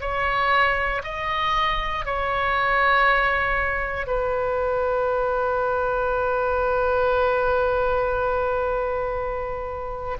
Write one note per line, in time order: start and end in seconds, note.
0.00 1.02 C#5
1.04 2.05 D#5
2.05 4.07 C#5
4.07 10.17 B4